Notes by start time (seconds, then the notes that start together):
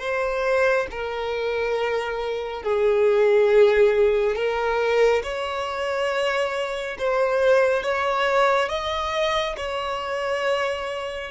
0.00 C5
0.91 A#4
2.63 G#4
4.36 A#4
5.24 C#5
6.99 C5
7.83 C#5
8.69 D#5
9.57 C#5